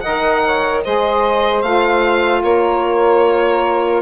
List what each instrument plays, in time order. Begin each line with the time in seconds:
0.00 bassoon D#3, saxophone A#4 D#5, violin F#5
0.46 saxophone C#5
0.84 bassoon G#3, saxophone G#4 C5, violin D#5
1.62 bassoon A3, saxophone F4, violin F5
2.42 bassoon A#3, saxophone A#4, violin C#5